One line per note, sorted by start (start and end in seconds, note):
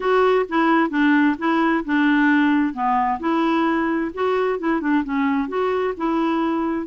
0.00 0.46 F#4
0.48 0.90 E4
0.90 1.36 D4
1.38 1.84 E4
1.84 2.73 D4
2.73 3.19 B3
3.19 4.11 E4
4.14 4.59 F#4
4.59 4.80 E4
4.80 5.03 D4
5.04 5.48 C#4
5.48 5.94 F#4
5.97 6.86 E4